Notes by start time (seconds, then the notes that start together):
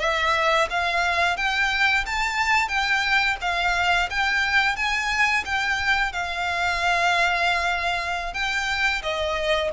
0.00 E5
0.71 F5
1.37 G5
2.06 A5
2.69 G5
3.42 F5
4.10 G5
4.76 G#5
5.46 G5
6.13 F5
8.34 G5
9.03 D#5